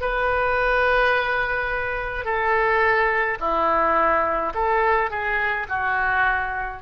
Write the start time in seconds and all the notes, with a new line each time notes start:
0.00 B4
2.24 A4
3.40 E4
4.54 A4
5.10 G#4
5.69 F#4